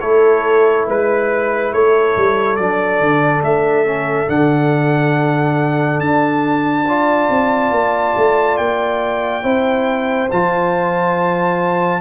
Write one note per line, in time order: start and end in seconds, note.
0.00 0.87 A3
0.00 2.58 E4
0.00 0.87 A4
0.00 0.86 C#5
0.87 1.73 G#3
0.87 1.73 B4
0.87 1.74 B4
1.73 2.16 A3
1.73 6.87 A4
1.73 2.56 C#5
2.16 2.59 G3
2.56 3.00 F#3
2.56 3.85 D4
2.56 3.42 D5
3.00 3.42 D3
3.42 4.28 A3
3.42 4.29 E5
3.85 4.27 C#4
4.27 6.00 D3
4.27 6.84 D4
4.27 6.00 F#5
6.00 7.29 D4
6.00 8.57 A5
6.87 9.43 F4
6.87 9.44 D5
7.30 7.71 C4
7.71 8.14 A#3
8.17 8.59 A3
8.57 9.44 A#3
8.57 10.29 G5
9.43 10.30 C4
9.43 10.28 E4
9.43 12.01 C5
10.31 12.01 F3
10.31 12.01 F4
10.31 12.01 A5